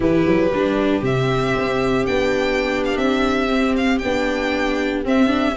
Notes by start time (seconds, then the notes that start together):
0.00 E3 E4 G4 B4
0.26 F#3
0.52 G3 D4
1.02 C3 C4 E5
1.55 C4
2.06 B3 D4 G5
2.84 F5
2.97 C4 E5
3.48 C4
3.76 F5
3.98 B3 G5
4.05 D4
5.05 C4 E5
5.27 D4